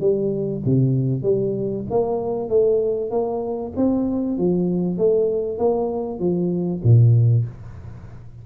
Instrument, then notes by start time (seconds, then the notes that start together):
tuba
0.00 G3
0.65 C3
1.23 G3
1.90 A#3
2.49 A3
3.10 A#3
3.76 C4
4.37 F3
4.97 A3
5.58 A#3
6.19 F3
6.83 A#2